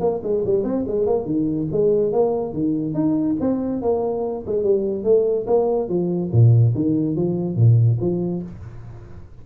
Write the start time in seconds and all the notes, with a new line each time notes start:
0.00 A#3
0.23 G#3
0.45 G3
0.64 C4
0.87 G#3
1.06 A#3
1.25 D#3
1.72 G#3
2.12 A#3
2.53 D#3
2.94 D#4
3.40 C4
3.82 A#3
4.46 G#3
4.63 G3
5.04 A3
5.46 A#3
5.89 F3
6.32 A#2
6.75 D#3
7.16 F3
7.56 A#2
8.01 F3